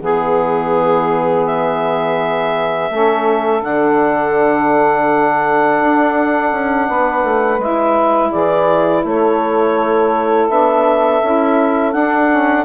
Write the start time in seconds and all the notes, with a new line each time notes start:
0.00 E3 B3 G#4
1.45 E5
2.90 A3 C#4 A4
3.60 D3 D4 F#5
5.80 D4
6.52 C#4
6.87 B3 B4
7.23 A3
7.58 G#3 E4 E5
8.30 E3 G#4 D5
9.04 A3 A4 C#5
10.49 B3 D4 E5
11.23 C#4 E4
11.92 D4 F#5
12.29 C#4